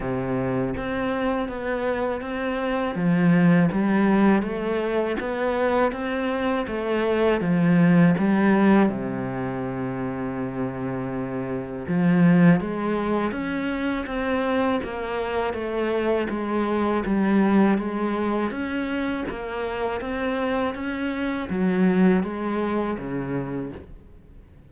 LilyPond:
\new Staff \with { instrumentName = "cello" } { \time 4/4 \tempo 4 = 81 c4 c'4 b4 c'4 | f4 g4 a4 b4 | c'4 a4 f4 g4 | c1 |
f4 gis4 cis'4 c'4 | ais4 a4 gis4 g4 | gis4 cis'4 ais4 c'4 | cis'4 fis4 gis4 cis4 | }